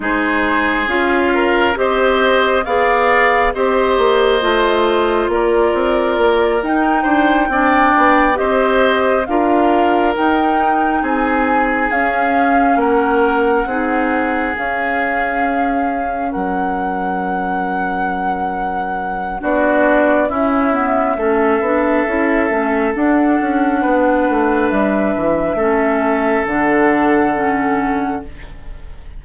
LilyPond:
<<
  \new Staff \with { instrumentName = "flute" } { \time 4/4 \tempo 4 = 68 c''4 f''4 dis''4 f''4 | dis''2 d''4. g''8~ | g''4. dis''4 f''4 g''8~ | g''8 gis''4 f''4 fis''4.~ |
fis''8 f''2 fis''4.~ | fis''2 d''4 e''4~ | e''2 fis''2 | e''2 fis''2 | }
  \new Staff \with { instrumentName = "oboe" } { \time 4/4 gis'4. ais'8 c''4 d''4 | c''2 ais'2 | c''8 d''4 c''4 ais'4.~ | ais'8 gis'2 ais'4 gis'8~ |
gis'2~ gis'8 ais'4.~ | ais'2 fis'4 e'4 | a'2. b'4~ | b'4 a'2. | }
  \new Staff \with { instrumentName = "clarinet" } { \time 4/4 dis'4 f'4 g'4 gis'4 | g'4 f'2~ f'8 dis'8~ | dis'8 d'4 g'4 f'4 dis'8~ | dis'4. cis'2 dis'8~ |
dis'8 cis'2.~ cis'8~ | cis'2 d'4 cis'8 b8 | cis'8 d'8 e'8 cis'8 d'2~ | d'4 cis'4 d'4 cis'4 | }
  \new Staff \with { instrumentName = "bassoon" } { \time 4/4 gis4 cis'4 c'4 b4 | c'8 ais8 a4 ais8 c'8 ais8 dis'8 | d'8 c'8 b8 c'4 d'4 dis'8~ | dis'8 c'4 cis'4 ais4 c'8~ |
c'8 cis'2 fis4.~ | fis2 b4 cis'4 | a8 b8 cis'8 a8 d'8 cis'8 b8 a8 | g8 e8 a4 d2 | }
>>